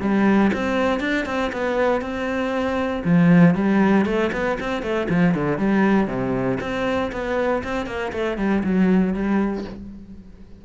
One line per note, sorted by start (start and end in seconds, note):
0.00 0.51 G3
0.53 1.00 C4
1.00 1.25 D4
1.25 1.51 C4
1.52 2.01 B3
2.01 3.02 C4
3.04 3.55 F3
3.55 4.05 G3
4.05 4.31 A3
4.32 4.58 B3
4.59 4.82 C4
4.82 5.08 A3
5.09 5.34 F3
5.34 5.57 D3
5.57 6.07 G3
6.07 6.58 C3
6.60 7.11 C4
7.12 7.62 B3
7.63 7.86 C4
7.86 8.11 A#3
8.12 8.37 A3
8.37 8.63 G3
8.63 9.13 F#3
9.13 9.64 G3